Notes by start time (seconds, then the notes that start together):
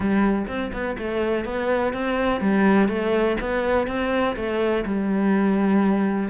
0.00 G3
0.47 C4
0.72 B3
0.98 A3
1.45 B3
1.93 C4
2.40 G3
2.88 A3
3.40 B3
3.87 C4
4.36 A3
4.85 G3